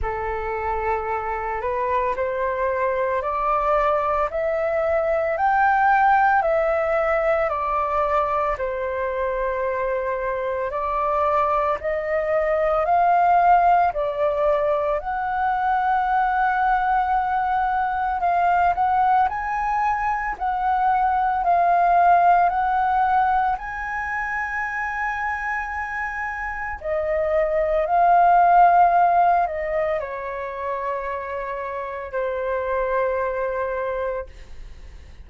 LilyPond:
\new Staff \with { instrumentName = "flute" } { \time 4/4 \tempo 4 = 56 a'4. b'8 c''4 d''4 | e''4 g''4 e''4 d''4 | c''2 d''4 dis''4 | f''4 d''4 fis''2~ |
fis''4 f''8 fis''8 gis''4 fis''4 | f''4 fis''4 gis''2~ | gis''4 dis''4 f''4. dis''8 | cis''2 c''2 | }